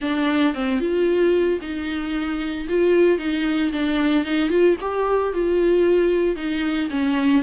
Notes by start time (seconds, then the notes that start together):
0.01 D4
0.54 C4
0.80 F4
1.61 D#4
2.68 F4
3.18 D#4
3.72 D4
4.25 D#4
4.49 F4
4.81 G4
5.33 F4
6.36 D#4
6.90 C#4